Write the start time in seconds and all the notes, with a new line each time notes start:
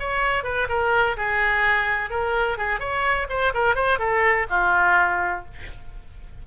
0.00 C#5
0.44 B4
0.69 A#4
1.17 G#4
2.10 A#4
2.58 G#4
2.80 C#5
3.29 C5
3.54 A#4
3.76 C5
3.99 A4
4.50 F4